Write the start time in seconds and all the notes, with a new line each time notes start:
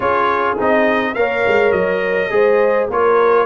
0.00 C#4 F4 G#4 C#5
0.57 C4 D#4 D#5
1.14 A#3 A#4 C#5 F5
1.47 G#3
1.72 F#3 D#5
2.30 G#3 G#4 C5
2.89 A#3 F4 A#4 C#5